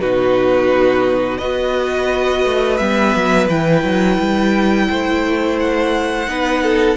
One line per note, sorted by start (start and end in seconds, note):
0.00 1.41 B2
0.00 1.40 D#4
0.00 1.38 F#4
0.00 1.37 B4
1.37 2.44 B3
1.37 2.79 F#4
1.37 4.87 B4
1.37 2.77 D#5
2.44 2.79 A3
2.77 3.14 G3
2.77 3.49 B3
2.77 3.47 E5
3.15 3.48 F#3
3.48 3.83 E3
3.48 6.27 E4
3.48 5.58 G5
3.83 4.18 F#3
4.18 4.88 G3
4.90 6.27 A3
4.90 6.28 C5
5.59 6.97 F#5
6.27 6.97 B3
6.27 6.97 D#4
6.27 6.63 B4
6.63 6.97 A4